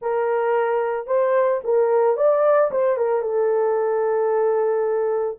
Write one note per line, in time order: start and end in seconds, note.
0.01 1.06 A#4
1.06 1.60 C5
1.64 2.16 A#4
2.16 2.70 D5
2.71 2.97 C5
2.97 3.21 A#4
3.21 5.38 A4